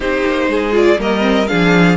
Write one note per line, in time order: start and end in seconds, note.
0.00 0.23 C4
0.00 0.72 D#4
0.00 0.49 G4
0.00 0.75 C5
0.26 0.47 A#3
0.47 0.97 G#3
0.47 1.00 G#4
0.72 0.97 F4
0.72 1.00 D5
0.98 1.48 G3
0.98 1.20 A#3
0.98 1.49 A#4
0.98 1.47 D#5
1.20 1.45 C4
1.47 1.96 F3
1.47 1.96 D4
1.47 1.96 G#4
1.47 1.96 F5